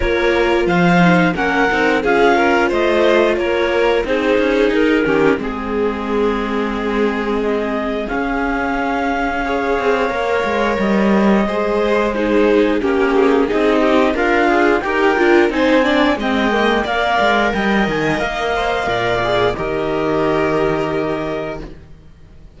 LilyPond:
<<
  \new Staff \with { instrumentName = "clarinet" } { \time 4/4 \tempo 4 = 89 cis''4 f''4 fis''4 f''4 | dis''4 cis''4 c''4 ais'4 | gis'2. dis''4 | f''1 |
dis''2 c''4 ais'8 gis'8 | dis''4 f''4 g''4 gis''4 | g''4 f''4 g''8 gis''8 f''4~ | f''4 dis''2. | }
  \new Staff \with { instrumentName = "violin" } { \time 4/4 ais'4 c''4 ais'4 gis'8 ais'8 | c''4 ais'4 gis'4. g'8 | gis'1~ | gis'2 cis''2~ |
cis''4 c''4 gis'4 g'4 | gis'8 g'8 f'4 ais'4 c''8 d''8 | dis''4 d''4 dis''2 | d''4 ais'2. | }
  \new Staff \with { instrumentName = "viola" } { \time 4/4 f'4. dis'8 cis'8 dis'8 f'4~ | f'2 dis'4. cis'8 | c'1 | cis'2 gis'4 ais'4~ |
ais'4 gis'4 dis'4 cis'4 | dis'4 ais'8 gis'8 g'8 f'8 dis'8 d'8 | c'8 ais8 ais'2~ ais'8 c''8 | ais'8 gis'8 g'2. | }
  \new Staff \with { instrumentName = "cello" } { \time 4/4 ais4 f4 ais8 c'8 cis'4 | a4 ais4 c'8 cis'8 dis'8 dis8 | gis1 | cis'2~ cis'8 c'8 ais8 gis8 |
g4 gis2 ais4 | c'4 d'4 dis'8 d'8 c'4 | gis4 ais8 gis8 g8 dis8 ais4 | ais,4 dis2. | }
>>